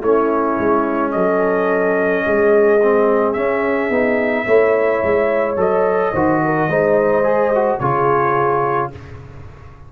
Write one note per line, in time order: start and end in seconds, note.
0.00 0.57 A3
0.00 2.80 C#4
0.00 1.11 E4
0.00 1.11 C#5
0.59 1.14 G#3
1.11 2.25 F#3
1.11 2.25 A4
1.11 3.33 D#5
2.25 3.35 G#3
2.25 4.45 G#4
2.82 3.35 C4
3.33 3.89 C#4
3.33 3.90 C#4
3.33 5.55 E5
3.89 4.45 B3
3.89 4.46 D#4
4.45 5.02 A3
4.45 5.56 E4
4.45 6.12 C#5
5.03 5.56 G#3
5.56 6.12 F#3
5.56 6.12 A4
5.56 7.78 D#5
6.12 6.68 D#3
6.12 6.70 F#4
6.12 6.40 C5
6.44 6.69 A#4
6.68 7.79 G#3
6.68 7.23 D#4
6.68 7.79 C5
7.23 7.51 G#4
7.54 7.81 F#4
7.78 8.91 C#3
7.78 8.92 F4
7.78 8.90 G#4
7.78 8.90 C#5